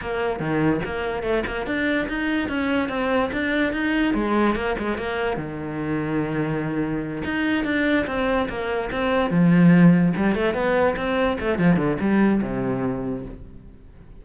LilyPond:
\new Staff \with { instrumentName = "cello" } { \time 4/4 \tempo 4 = 145 ais4 dis4 ais4 a8 ais8 | d'4 dis'4 cis'4 c'4 | d'4 dis'4 gis4 ais8 gis8 | ais4 dis2.~ |
dis4. dis'4 d'4 c'8~ | c'8 ais4 c'4 f4.~ | f8 g8 a8 b4 c'4 a8 | f8 d8 g4 c2 | }